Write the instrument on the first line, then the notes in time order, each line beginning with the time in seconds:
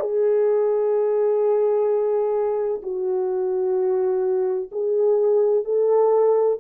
horn
0.00 G#4
2.82 F#4
4.72 G#4
5.64 A4